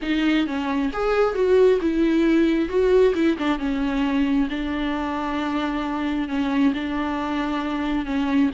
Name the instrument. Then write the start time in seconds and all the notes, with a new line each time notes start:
viola
0.01 D#4
0.47 C#4
0.92 G#4
1.34 F#4
1.81 E4
2.68 F#4
3.14 E4
3.38 D4
3.58 C#4
4.49 D4
6.28 C#4
6.73 D4
8.05 C#4